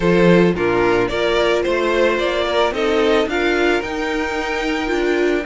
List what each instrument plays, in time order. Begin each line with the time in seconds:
0.00 cello F3, viola F4, violin A4 C5
0.54 cello A#2, viola D4, violin F4 A#4
1.07 cello A#3, viola F4, violin A#4 D5
1.62 cello A3, violin C5
2.18 cello A#3, violin D5
2.45 violin A#4
2.71 cello C4, viola D#4, violin A4 D#5
3.26 cello D4, viola F4, violin A#4 F5
3.81 cello D#4, viola D#4, violin G5
4.86 cello D4, viola F4